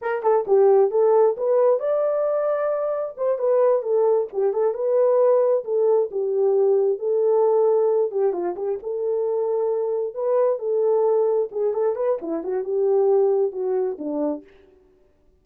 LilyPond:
\new Staff \with { instrumentName = "horn" } { \time 4/4 \tempo 4 = 133 ais'8 a'8 g'4 a'4 b'4 | d''2. c''8 b'8~ | b'8 a'4 g'8 a'8 b'4.~ | b'8 a'4 g'2 a'8~ |
a'2 g'8 f'8 g'8 a'8~ | a'2~ a'8 b'4 a'8~ | a'4. gis'8 a'8 b'8 e'8 fis'8 | g'2 fis'4 d'4 | }